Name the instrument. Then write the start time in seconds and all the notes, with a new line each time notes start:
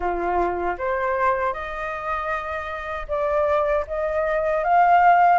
flute
0.00 F4
0.78 C5
1.53 D#5
3.08 D5
3.87 D#5
4.64 F5